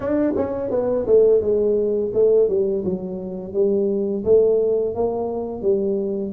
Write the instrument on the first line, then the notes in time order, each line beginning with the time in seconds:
tuba
0.00 D4
0.36 C#4
0.70 B3
1.06 A3
1.41 G#3
2.13 A3
2.48 G3
2.84 F#3
3.53 G3
4.24 A3
4.94 A#3
5.61 G3